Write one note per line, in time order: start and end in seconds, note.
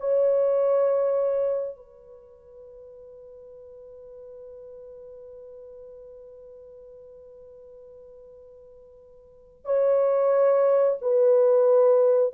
0.00 1.76 C#5
1.76 9.65 B4
9.65 10.98 C#5
11.02 12.34 B4